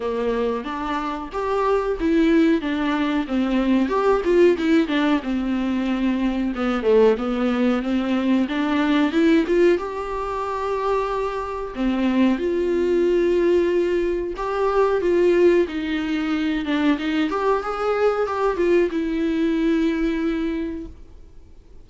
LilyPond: \new Staff \with { instrumentName = "viola" } { \time 4/4 \tempo 4 = 92 ais4 d'4 g'4 e'4 | d'4 c'4 g'8 f'8 e'8 d'8 | c'2 b8 a8 b4 | c'4 d'4 e'8 f'8 g'4~ |
g'2 c'4 f'4~ | f'2 g'4 f'4 | dis'4. d'8 dis'8 g'8 gis'4 | g'8 f'8 e'2. | }